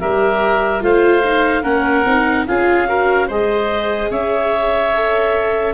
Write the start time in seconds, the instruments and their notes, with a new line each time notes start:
0.00 tuba G3, viola G4, oboe A#4, clarinet E5
0.81 tuba A3, viola F4, oboe C5, clarinet F5
1.24 viola D#4
1.63 tuba A#3, viola C#4, oboe A#4, clarinet F#5
2.05 tuba C4, viola D#4
2.47 tuba C#4, viola F4, oboe G#4, clarinet F5
2.87 viola F#4, oboe A#4
3.27 tuba G#3, viola G#4, oboe C5, clarinet D#5
4.10 tuba C#4, oboe C#5, clarinet E5
4.95 viola A4